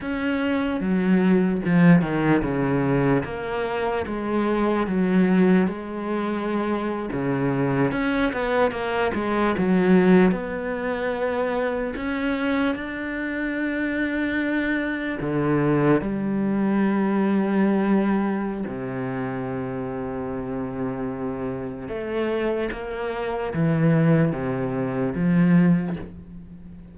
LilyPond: \new Staff \with { instrumentName = "cello" } { \time 4/4 \tempo 4 = 74 cis'4 fis4 f8 dis8 cis4 | ais4 gis4 fis4 gis4~ | gis8. cis4 cis'8 b8 ais8 gis8 fis16~ | fis8. b2 cis'4 d'16~ |
d'2~ d'8. d4 g16~ | g2. c4~ | c2. a4 | ais4 e4 c4 f4 | }